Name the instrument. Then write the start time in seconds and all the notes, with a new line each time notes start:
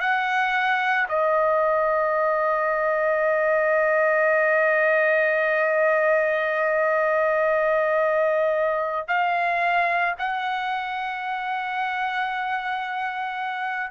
trumpet
0.00 F#5
1.09 D#5
9.08 F5
10.18 F#5